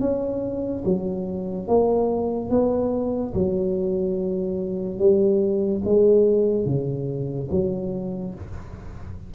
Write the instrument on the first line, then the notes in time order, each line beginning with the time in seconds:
tuba
0.00 C#4
0.85 F#3
1.68 A#3
2.50 B3
3.34 F#3
4.99 G3
5.85 G#3
6.66 C#3
7.51 F#3